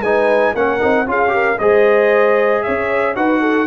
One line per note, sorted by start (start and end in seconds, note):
0.00 0.52 G#3
0.00 0.56 D#4
0.00 0.55 B4
0.00 0.55 G#5
0.54 0.80 A#3
0.54 0.80 C#4
0.54 1.07 A#4
0.54 1.08 F#5
0.80 1.07 C4
0.80 1.06 D#4
1.06 1.59 C#4
1.06 1.29 F4
1.06 1.34 G#4
1.06 1.59 F5
1.29 1.55 G4
1.29 1.60 A#4
1.59 2.64 G#3
1.59 3.15 G#4
1.59 2.64 C5
1.59 2.63 D#5
2.63 3.16 C#4
2.63 3.16 C#5
2.63 3.15 E5
3.15 3.67 D#4
3.15 3.67 F#4
3.15 3.41 B4
3.15 3.67 F#5
3.41 3.67 A4